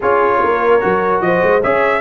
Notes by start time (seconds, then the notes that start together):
0.00 C#4 F4 G#4 C#5
0.43 A#3 A#4
0.80 F#3 F#4
1.20 F3 C5 D#5
1.43 G#3
1.62 C#4 G#4 C#5 E5